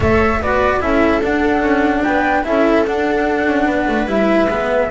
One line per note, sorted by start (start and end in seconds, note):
0.00 0.41 A3
0.00 0.41 A4
0.00 0.39 C#5
0.00 0.42 E5
0.41 0.81 B3
0.41 0.80 F#4
0.41 0.82 B4
0.41 0.81 D5
0.80 1.21 C#4
0.80 1.20 E4
0.80 2.03 A4
0.80 1.22 E5
1.21 1.61 D4
1.21 2.44 D4
1.21 2.03 F#5
1.61 2.02 C#4
2.03 2.45 B3
2.03 2.44 B4
2.03 2.44 G5
2.44 2.86 C#4
2.44 2.85 E4
2.44 3.65 A4
2.44 2.85 E5
2.86 3.47 D4
2.86 4.07 D4
2.86 4.08 F#5
3.47 3.66 C#4
3.65 3.86 B3
3.65 4.88 B4
3.87 4.05 A3
4.05 4.46 G3
4.05 4.48 E4
4.05 4.90 E5
4.47 4.88 G#3
4.47 4.90 B3